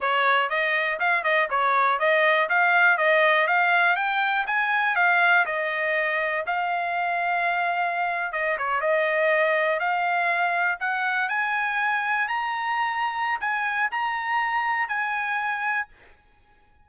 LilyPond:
\new Staff \with { instrumentName = "trumpet" } { \time 4/4 \tempo 4 = 121 cis''4 dis''4 f''8 dis''8 cis''4 | dis''4 f''4 dis''4 f''4 | g''4 gis''4 f''4 dis''4~ | dis''4 f''2.~ |
f''8. dis''8 cis''8 dis''2 f''16~ | f''4.~ f''16 fis''4 gis''4~ gis''16~ | gis''8. ais''2~ ais''16 gis''4 | ais''2 gis''2 | }